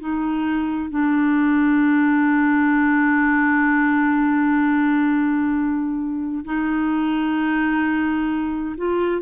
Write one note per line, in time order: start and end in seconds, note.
0.00 0.91 D#4
0.91 6.44 D4
6.45 8.76 D#4
8.77 9.22 F4